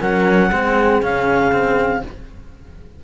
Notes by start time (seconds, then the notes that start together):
0.00 F#3 C#4 A#4 F#5
0.50 G#3 C4 G#4
1.01 C#3 C#4 F5
1.51 C4